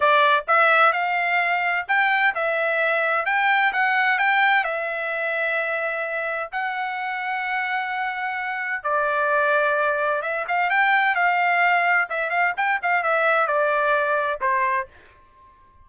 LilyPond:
\new Staff \with { instrumentName = "trumpet" } { \time 4/4 \tempo 4 = 129 d''4 e''4 f''2 | g''4 e''2 g''4 | fis''4 g''4 e''2~ | e''2 fis''2~ |
fis''2. d''4~ | d''2 e''8 f''8 g''4 | f''2 e''8 f''8 g''8 f''8 | e''4 d''2 c''4 | }